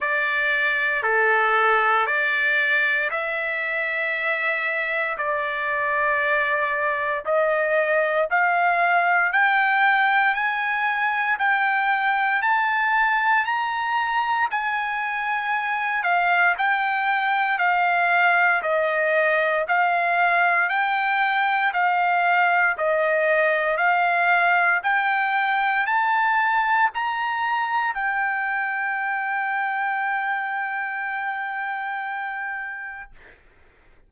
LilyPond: \new Staff \with { instrumentName = "trumpet" } { \time 4/4 \tempo 4 = 58 d''4 a'4 d''4 e''4~ | e''4 d''2 dis''4 | f''4 g''4 gis''4 g''4 | a''4 ais''4 gis''4. f''8 |
g''4 f''4 dis''4 f''4 | g''4 f''4 dis''4 f''4 | g''4 a''4 ais''4 g''4~ | g''1 | }